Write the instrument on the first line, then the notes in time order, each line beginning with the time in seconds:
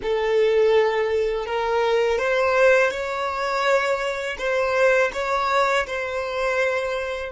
violin
0.02 A4
1.46 A#4
2.18 C5
2.90 C#5
4.38 C5
5.13 C#5
5.86 C5